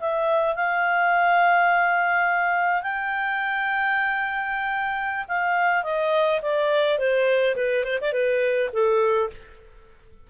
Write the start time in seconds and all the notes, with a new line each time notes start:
0.00 E5
0.56 F5
2.83 G5
5.29 F5
5.84 D#5
6.42 D5
6.99 C5
7.56 B4
7.85 C5
8.02 D5
8.13 B4
8.73 A4